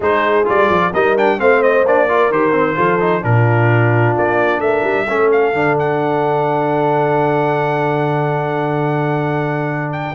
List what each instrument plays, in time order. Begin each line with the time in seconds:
0.00 tuba G#3, trombone D#4, horn G#4, trumpet C5
0.45 tuba G3, trombone F4, trumpet D5
0.69 tuba F3
0.92 tuba G3, trombone D#4, horn A#4, trumpet D#5
1.17 trombone D4, trumpet G5
1.38 tuba A3, trombone C4, horn C5, trumpet F5
1.62 trumpet D#5
1.85 tuba A#3, trombone D4, trumpet D5
2.08 trombone F4, horn A#4
2.30 tuba D#3, trombone G4, trumpet C5
2.51 trombone C4
2.75 tuba F3, trombone F4, horn A4
3.00 trombone D#4
3.22 tuba A#2, trombone D4, horn F4, trumpet A#4
4.17 tuba A#3, trumpet D5
4.59 tuba A3, horn A#4, trumpet E5
4.83 tuba G3
5.05 tuba A3, trombone C#4, horn A4
5.31 trumpet F5
5.53 tuba D3, trombone D4
5.78 trumpet F#5
9.92 trumpet G5